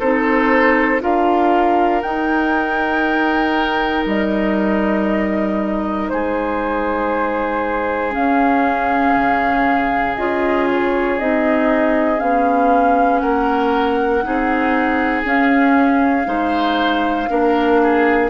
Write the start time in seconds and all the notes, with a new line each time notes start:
0.00 C4 D#4 A4 C5
1.00 D4 F4 A#4 F5
2.02 D#4 G5
4.06 G3 D#5
6.09 G#3 G#4 C5
8.11 C#4 F5
9.16 C#3
10.17 C#4 F4 D#5
10.71 C#5
11.19 C4 D#4 D#5
12.18 B3 C#4 F5
13.19 A#3 A#4 F#5
14.23 C4 D#4 G#4
15.25 C#4 F5
16.26 G#3 D#4 C5
17.29 A#3 D4 A#4
17.83 G#4